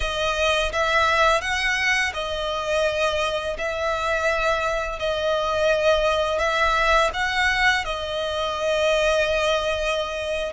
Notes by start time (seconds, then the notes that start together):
0.00 D#5
0.72 E5
1.41 F#5
2.13 D#5
3.57 E5
4.99 D#5
6.39 E5
7.13 F#5
7.84 D#5